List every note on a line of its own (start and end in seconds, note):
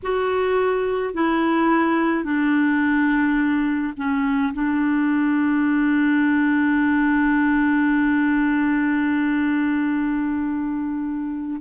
0.03 1.14 F#4
1.14 2.24 E4
2.24 3.93 D4
3.96 4.53 C#4
4.53 11.61 D4